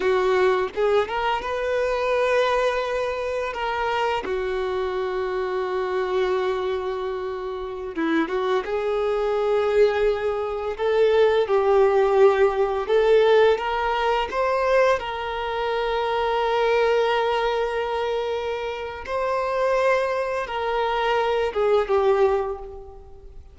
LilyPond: \new Staff \with { instrumentName = "violin" } { \time 4/4 \tempo 4 = 85 fis'4 gis'8 ais'8 b'2~ | b'4 ais'4 fis'2~ | fis'2.~ fis'16 e'8 fis'16~ | fis'16 gis'2. a'8.~ |
a'16 g'2 a'4 ais'8.~ | ais'16 c''4 ais'2~ ais'8.~ | ais'2. c''4~ | c''4 ais'4. gis'8 g'4 | }